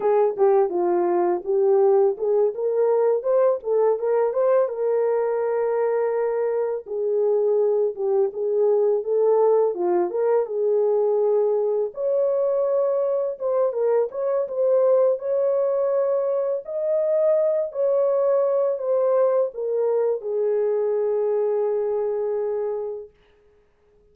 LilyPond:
\new Staff \with { instrumentName = "horn" } { \time 4/4 \tempo 4 = 83 gis'8 g'8 f'4 g'4 gis'8 ais'8~ | ais'8 c''8 a'8 ais'8 c''8 ais'4.~ | ais'4. gis'4. g'8 gis'8~ | gis'8 a'4 f'8 ais'8 gis'4.~ |
gis'8 cis''2 c''8 ais'8 cis''8 | c''4 cis''2 dis''4~ | dis''8 cis''4. c''4 ais'4 | gis'1 | }